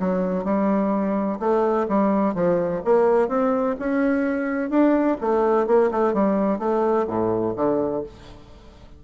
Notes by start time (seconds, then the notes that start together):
0.00 F#3
0.45 G3
1.40 A3
1.89 G3
2.35 F3
2.85 A#3
3.29 C4
3.80 C#4
4.71 D4
5.21 A3
5.68 A#3
5.92 A3
6.14 G3
6.59 A3
7.08 A2
7.56 D3